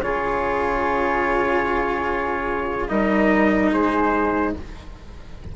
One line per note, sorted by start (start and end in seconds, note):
0.00 2.88 C#3
0.00 2.88 F4
0.00 2.90 G#4
0.00 2.88 C#5
2.88 3.71 G3
2.88 4.52 D#4
2.88 3.72 A#4
2.88 3.70 D#5
3.72 4.55 G#3
3.72 4.54 G#4
3.72 4.55 C5